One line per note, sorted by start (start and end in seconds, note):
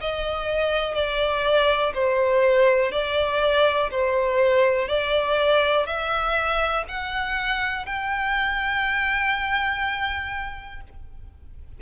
0.00 0.94 D#5
0.94 1.93 D5
1.94 2.92 C5
2.92 3.90 D5
3.91 4.88 C5
4.88 5.86 D5
5.86 6.84 E5
6.88 7.86 F#5
7.86 10.81 G5